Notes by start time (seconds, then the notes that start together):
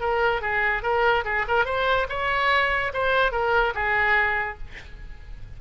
0.00 A#4
0.41 G#4
0.82 A#4
1.24 G#4
1.47 A#4
1.65 C5
2.08 C#5
2.93 C5
3.31 A#4
3.74 G#4